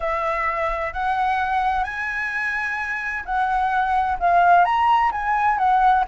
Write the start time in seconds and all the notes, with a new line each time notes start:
0.00 E5
0.93 F#5
1.84 G#5
3.25 F#5
4.19 F5
4.64 A#5
5.11 G#5
5.58 F#5